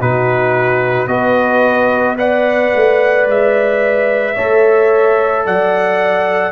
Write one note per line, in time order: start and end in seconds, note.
0.00 1.08 B2
0.00 1.09 D#4
0.00 1.09 F#4
0.00 1.08 B4
1.08 2.72 B3
1.08 2.17 F#4
1.08 2.18 B4
1.08 2.17 D#5
2.17 4.35 B4
2.17 4.35 D5
2.17 3.28 F#5
2.75 3.27 A3
3.27 4.36 G#3
3.27 5.47 E5
4.35 5.46 A3
4.35 6.53 A4
4.35 5.45 C#5
5.46 6.53 F#3
5.46 6.53 D5
5.46 6.53 F#5